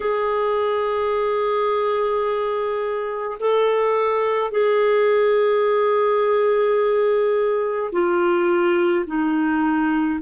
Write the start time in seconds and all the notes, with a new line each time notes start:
0.00 G#4
3.40 A4
4.51 G#4
7.92 F4
9.06 D#4